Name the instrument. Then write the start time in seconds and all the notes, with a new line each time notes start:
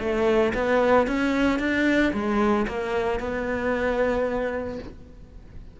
cello
0.00 A3
0.55 B3
1.08 C#4
1.60 D4
2.14 G#3
2.68 A#3
3.20 B3